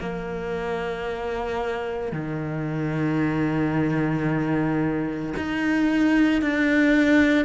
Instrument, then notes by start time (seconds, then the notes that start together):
cello
0.00 A#3
2.13 D#3
5.37 D#4
6.42 D4